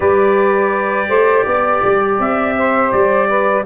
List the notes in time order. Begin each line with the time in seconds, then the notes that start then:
0.00 G3 G4 B4 D5
1.08 A3 C5
1.45 B3 D5
1.83 G3
2.19 C4 E5
2.57 C5
2.91 G3 D5
3.28 B4